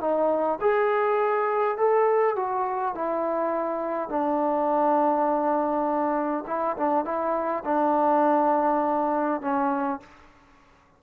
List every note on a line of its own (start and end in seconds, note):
0.00 0.59 D#4
0.61 1.77 G#4
1.77 2.36 A4
2.36 2.95 F#4
2.95 4.09 E4
4.09 6.44 D4
6.47 6.76 E4
6.77 7.05 D4
7.05 7.63 E4
7.64 9.41 D4
9.41 10.00 C#4